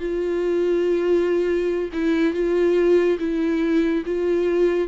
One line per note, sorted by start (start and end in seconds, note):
0.00 1.90 F4
1.93 2.34 E4
2.34 3.18 F4
3.19 4.03 E4
4.06 4.88 F4